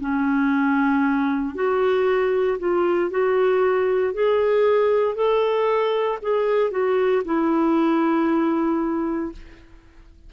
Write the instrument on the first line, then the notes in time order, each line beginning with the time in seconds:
clarinet
0.00 C#4
1.55 F#4
2.59 F4
3.10 F#4
4.14 G#4
5.15 A4
6.23 G#4
6.71 F#4
7.25 E4